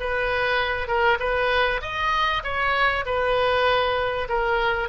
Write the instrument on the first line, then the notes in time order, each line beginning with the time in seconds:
oboe
0.00 B4
0.87 A#4
1.20 B4
1.81 D#5
2.44 C#5
3.06 B4
4.29 A#4